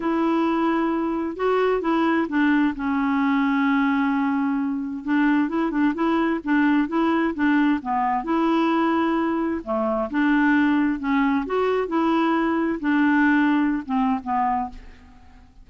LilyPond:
\new Staff \with { instrumentName = "clarinet" } { \time 4/4 \tempo 4 = 131 e'2. fis'4 | e'4 d'4 cis'2~ | cis'2. d'4 | e'8 d'8 e'4 d'4 e'4 |
d'4 b4 e'2~ | e'4 a4 d'2 | cis'4 fis'4 e'2 | d'2~ d'16 c'8. b4 | }